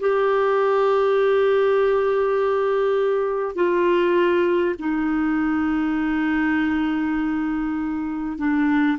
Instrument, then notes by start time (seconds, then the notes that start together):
clarinet
0.00 G4
3.55 F4
4.79 D#4
8.38 D4